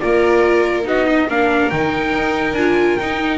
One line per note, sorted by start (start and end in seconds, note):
0.00 0.87 A#3
0.00 0.83 F4
0.00 0.87 A#4
0.00 0.85 D5
0.83 1.29 B3
0.83 1.26 D#4
0.83 1.06 F#4
0.83 1.30 D#5
1.06 1.28 D#4
1.29 1.71 A#3
1.29 1.72 D4
1.29 3.38 A#4
1.29 1.70 F5
1.70 2.14 D#3
1.70 2.57 D#4
1.70 2.54 G5
2.14 2.53 D#4
2.53 2.95 D4
2.53 3.00 F4
2.53 2.97 G#5
2.97 3.38 D#4
2.97 3.38 G5